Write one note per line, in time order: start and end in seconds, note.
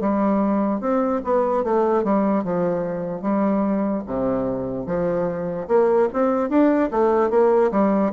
0.00 0.81 G3
0.81 1.21 C4
1.24 1.64 B3
1.64 2.04 A3
2.04 2.44 G3
2.44 3.22 F3
3.22 4.03 G3
4.07 4.86 C3
4.86 5.67 F3
5.68 6.08 A#3
6.13 6.49 C4
6.49 6.90 D4
6.91 7.30 A3
7.30 7.71 A#3
7.72 8.12 G3